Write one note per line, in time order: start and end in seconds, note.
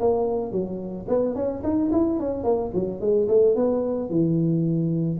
0.00 0.52 A#3
0.52 1.06 F#3
1.08 1.35 B3
1.35 1.62 C#4
1.64 1.91 D#4
1.92 2.19 E4
2.19 2.44 C#4
2.44 2.71 A#3
2.74 3.00 F#3
3.00 3.28 G#3
3.28 3.55 A3
3.55 4.10 B3
4.10 5.19 E3